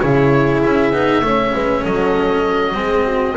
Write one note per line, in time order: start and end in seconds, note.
0.00 0.65 C#3
0.00 0.94 E4
0.00 1.25 G#4
0.00 0.61 C#5
0.63 0.92 C#4
0.63 1.85 E5
0.92 1.22 B3
0.92 1.24 D#4
1.22 1.53 A3
1.22 2.74 C#4
1.22 1.55 C#5
1.55 1.85 G#3
1.55 1.81 B4
1.81 2.75 F#3
1.81 2.73 A4
1.81 3.37 D#5
2.74 3.36 G#3
2.74 3.35 C4
2.74 3.06 G#4
3.06 3.36 F#4